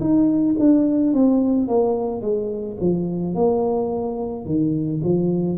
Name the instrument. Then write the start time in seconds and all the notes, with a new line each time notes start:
tuba
0.00 D#4
0.59 D4
1.13 C4
1.68 A#3
2.22 G#3
2.80 F3
3.35 A#3
4.45 D#3
5.04 F3